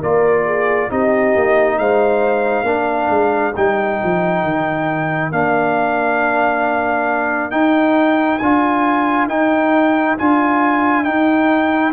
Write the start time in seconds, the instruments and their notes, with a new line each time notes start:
0.00 tuba A#3, trombone F4, horn A#4, trumpet D5
0.45 horn G#4
0.89 tuba C4, trombone D#4, horn G4, trumpet D#5
1.36 tuba A#3
1.78 tuba G#3, horn C5, trumpet F5
2.63 tuba A#3, trombone D4, horn A#4
3.09 tuba G#3
3.56 tuba G3, trombone D#4, trumpet G5
4.03 tuba F3
4.43 tuba D#3
5.31 tuba A#3, trombone D4, trumpet F5
7.50 trombone D#4, tuba D#4, trumpet G5
8.38 tuba D4, trombone F4, trumpet G#5
9.27 tuba D#4, trombone D#4, trumpet G5
10.18 tuba D4, trombone F4, trumpet G#5
11.04 trombone D#4, tuba D#4, trumpet G5